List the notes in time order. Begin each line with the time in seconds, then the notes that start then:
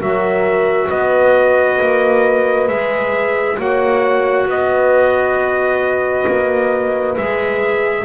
0.00 F#3 F#4 A#4 E5
0.89 B3 B4 D#5
1.81 A#3
2.68 G#3 G#4 E5
3.58 A#3 F#4 C#5 F#5
4.47 B3 B4 D#5
6.28 A#3
7.17 G#3 G#4 E5